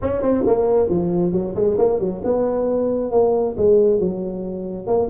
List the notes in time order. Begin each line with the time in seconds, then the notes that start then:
0.02 C#4
0.22 C4
0.46 A#3
0.89 F3
1.32 F#3
1.55 G#3
1.78 A#3
1.99 F#3
2.24 B3
3.11 A#3
3.57 G#3
3.99 F#3
4.86 A#3